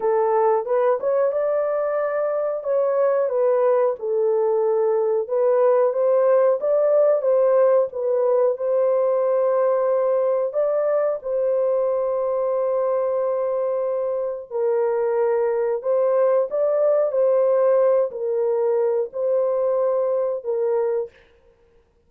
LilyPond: \new Staff \with { instrumentName = "horn" } { \time 4/4 \tempo 4 = 91 a'4 b'8 cis''8 d''2 | cis''4 b'4 a'2 | b'4 c''4 d''4 c''4 | b'4 c''2. |
d''4 c''2.~ | c''2 ais'2 | c''4 d''4 c''4. ais'8~ | ais'4 c''2 ais'4 | }